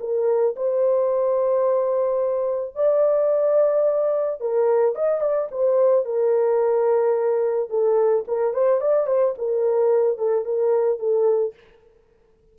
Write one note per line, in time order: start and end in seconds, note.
0.00 0.55 A#4
0.56 2.75 C5
2.75 4.40 D5
4.40 4.95 A#4
4.95 5.21 D#5
5.21 5.48 D5
5.51 6.05 C5
6.05 7.70 A#4
7.70 8.25 A4
8.27 8.53 A#4
8.53 8.81 C5
8.81 9.07 D5
9.07 9.34 C5
9.38 10.18 A#4
10.18 10.45 A4
10.45 10.99 A#4
10.99 11.54 A4